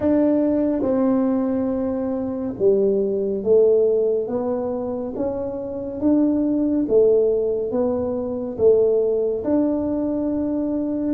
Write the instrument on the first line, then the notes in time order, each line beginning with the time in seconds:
tuba
0.00 D4
0.81 C4
2.58 G3
3.43 A3
4.27 B3
5.15 C#4
6.00 D4
6.88 A3
7.71 B3
8.58 A3
9.44 D4